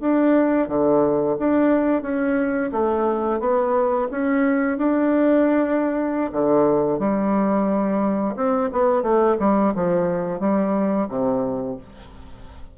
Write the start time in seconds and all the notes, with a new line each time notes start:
0.00 D4
0.68 D3
1.39 D4
2.02 C#4
2.72 A3
3.40 B3
4.11 C#4
4.78 D4
6.32 D3
6.99 G3
8.36 C4
8.72 B3
9.02 A3
9.39 G3
9.74 F3
10.39 G3
11.09 C3